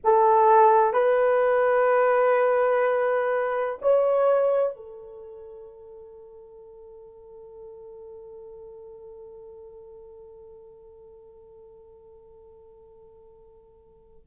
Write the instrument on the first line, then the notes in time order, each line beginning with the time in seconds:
horn
0.04 A4
0.93 B4
3.81 C#5
4.76 A4